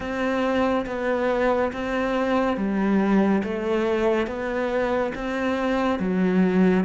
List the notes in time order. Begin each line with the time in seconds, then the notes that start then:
0.00 C4
0.86 B3
1.72 C4
2.56 G3
3.43 A3
4.26 B3
5.14 C4
5.99 F#3